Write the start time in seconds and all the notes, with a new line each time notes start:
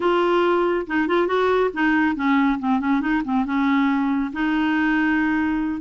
0.00 F4
0.86 D#4
1.07 F4
1.27 F#4
1.73 D#4
2.15 C#4
2.59 C4
2.80 C#4
3.01 D#4
3.24 C4
3.45 C#4
4.33 D#4